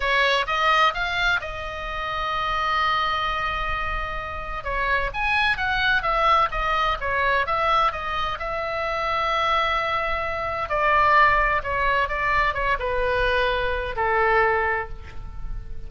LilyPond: \new Staff \with { instrumentName = "oboe" } { \time 4/4 \tempo 4 = 129 cis''4 dis''4 f''4 dis''4~ | dis''1~ | dis''2 cis''4 gis''4 | fis''4 e''4 dis''4 cis''4 |
e''4 dis''4 e''2~ | e''2. d''4~ | d''4 cis''4 d''4 cis''8 b'8~ | b'2 a'2 | }